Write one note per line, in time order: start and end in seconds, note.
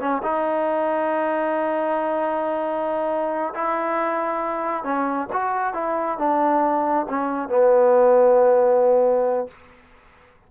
0.00 0.22 C#4
0.23 3.54 D#4
3.54 4.84 E4
4.84 5.28 C#4
5.33 5.74 F#4
5.74 6.18 E4
6.18 7.07 D4
7.09 7.49 C#4
7.49 9.48 B3